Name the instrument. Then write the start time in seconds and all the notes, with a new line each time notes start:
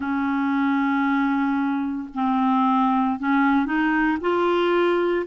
clarinet
0.00 C#4
2.14 C4
3.19 C#4
3.65 D#4
4.21 F4